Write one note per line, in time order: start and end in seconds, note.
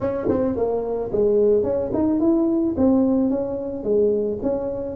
0.00 0.28 C#4
0.28 0.56 C4
0.56 1.11 A#3
1.12 1.63 G#3
1.63 1.90 C#4
1.93 2.20 D#4
2.20 2.75 E4
2.77 3.30 C4
3.30 3.83 C#4
3.83 4.38 G#3
4.42 4.95 C#4